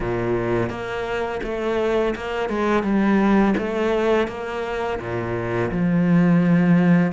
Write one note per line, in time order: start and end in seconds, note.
0.00 0.69 A#2
0.69 1.41 A#3
1.43 2.14 A3
2.15 2.49 A#3
2.49 2.83 G#3
2.83 3.54 G3
3.57 4.27 A3
4.27 4.99 A#3
4.99 5.70 A#2
5.71 7.12 F3